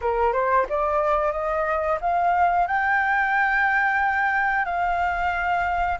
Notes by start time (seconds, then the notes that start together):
0.01 A#4
0.32 C5
0.69 D5
1.32 D#5
2.00 F5
2.67 G5
4.65 F5